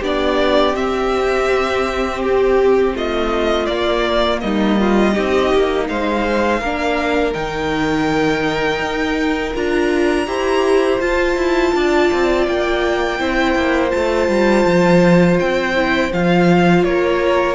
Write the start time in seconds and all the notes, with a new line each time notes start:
0.00 B3 D4 G4 D5
0.74 C4 E5
2.22 G4
2.95 A3 F4 D#5
3.66 A#3 D5
4.41 G3 D#4 D#5
4.80 F4
5.13 C4 D#4 G4
5.54 A#3
5.89 G#3 C5 F5
6.61 A#3 D4 A#4
7.34 D#3 D#4 G5
8.80 D#4
9.55 D4 F4 A#5
10.27 E4 G4 C5
11.00 F4 A5
11.36 E4
11.75 D4 D5
12.13 C4
12.47 A#3 G5
13.19 C4 E4 C5
13.56 A#3
13.91 A3 F4 A5
14.29 G3
14.66 F3
15.40 C4 G5
15.75 E4
16.13 F3 F4 F5
16.84 A#3 A#4 C#5